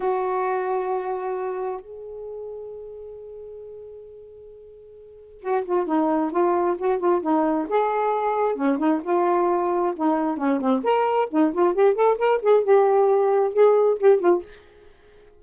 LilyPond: \new Staff \with { instrumentName = "saxophone" } { \time 4/4 \tempo 4 = 133 fis'1 | gis'1~ | gis'1 | fis'8 f'8 dis'4 f'4 fis'8 f'8 |
dis'4 gis'2 cis'8 dis'8 | f'2 dis'4 cis'8 c'8 | ais'4 dis'8 f'8 g'8 a'8 ais'8 gis'8 | g'2 gis'4 g'8 f'8 | }